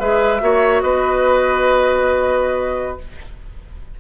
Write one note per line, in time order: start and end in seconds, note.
0.00 0.42 G#3
0.00 0.41 G#4
0.00 0.42 B4
0.00 0.81 E5
0.41 0.83 A#3
0.41 2.99 F#4
0.41 0.83 C#5
0.81 3.00 B3
0.81 3.00 B4
0.81 2.99 D#5